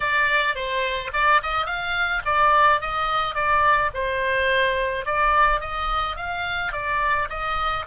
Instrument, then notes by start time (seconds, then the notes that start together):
oboe
0.00 D5
0.55 C5
1.13 D5
1.42 D#5
1.65 F5
2.25 D5
2.80 D#5
3.34 D5
3.94 C5
5.05 D5
5.60 D#5
6.16 F5
6.72 D5
7.29 D#5